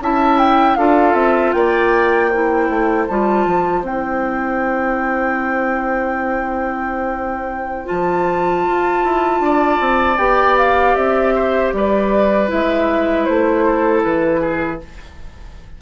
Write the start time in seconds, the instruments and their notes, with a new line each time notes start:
0.00 bassoon C#4, clarinet E4, oboe E5, flute A5
0.38 flute G5
0.75 bassoon D4, clarinet F4, oboe A4, flute F5
1.14 bassoon C4, flute E5
1.52 bassoon A#3, oboe D5, flute G5
2.30 clarinet E4, oboe C5
2.69 bassoon A3
3.08 bassoon G3, clarinet F4, flute A5
3.46 bassoon F3
3.82 bassoon C4, clarinet E4, flute G5
7.85 bassoon F3, clarinet F4, flute A5
8.67 bassoon F4
9.04 bassoon E4
9.40 bassoon D4, oboe D5
9.80 bassoon C4
10.17 bassoon B3, clarinet G4, flute G5
10.57 flute F5
10.95 bassoon C4, flute E5
11.35 oboe C5
11.73 bassoon G3, oboe B4, flute D5
12.48 bassoon G#3, clarinet E4, flute E5
13.25 bassoon A3, flute C5
13.65 oboe A4
14.03 bassoon E3, flute B4
14.41 oboe G#4